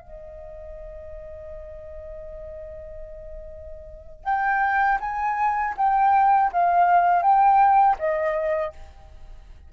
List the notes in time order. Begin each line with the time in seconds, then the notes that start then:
0.00 D#5
4.24 G5
5.00 G#5
5.77 G5
6.52 F5
7.22 G5
7.98 D#5